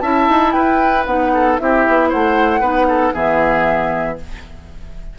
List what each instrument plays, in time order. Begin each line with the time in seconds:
0.00 bassoon C#4, clarinet E4, oboe E5, flute A5
0.29 bassoon D#4
0.52 bassoon E4, oboe B4, flute G5
1.05 bassoon B3, clarinet D#4, flute F#5
1.34 oboe A4
1.58 bassoon C4, clarinet E4, oboe G4, flute E5
1.87 bassoon B3
2.09 bassoon A3, oboe C5, flute F#5
2.60 bassoon B3, clarinet D#4, oboe B4
2.88 oboe A4
3.13 bassoon E3, clarinet B3, oboe G#4, flute E5